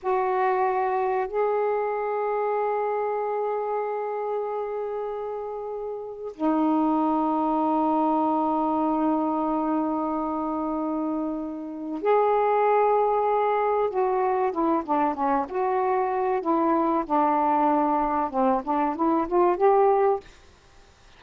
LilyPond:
\new Staff \with { instrumentName = "saxophone" } { \time 4/4 \tempo 4 = 95 fis'2 gis'2~ | gis'1~ | gis'2 dis'2~ | dis'1~ |
dis'2. gis'4~ | gis'2 fis'4 e'8 d'8 | cis'8 fis'4. e'4 d'4~ | d'4 c'8 d'8 e'8 f'8 g'4 | }